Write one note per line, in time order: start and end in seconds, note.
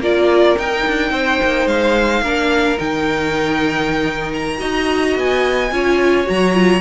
0.00 0.56 A#3
0.00 0.58 F4
0.00 1.12 A#4
0.00 0.59 D5
0.59 2.25 D#4
0.59 0.87 D#4
0.59 1.68 G5
0.87 1.11 D4
1.11 1.39 C4
1.11 2.22 C5
1.43 1.66 A#3
1.66 2.22 G#3
1.66 2.79 F5
2.22 2.78 A#3
2.22 2.78 D4
2.22 4.58 A#4
2.78 4.61 D#3
2.78 4.58 D#4
2.78 4.32 G5
4.34 5.17 A#5
4.58 5.16 D#4
4.58 5.69 F#4
4.58 5.71 D#5
5.16 5.72 B3
5.16 6.29 G#5
5.72 6.28 C#4
5.72 6.25 F4
5.72 6.81 C#5
6.25 6.81 F#3
6.25 6.53 F#4
6.25 6.81 A#5
6.54 6.81 F4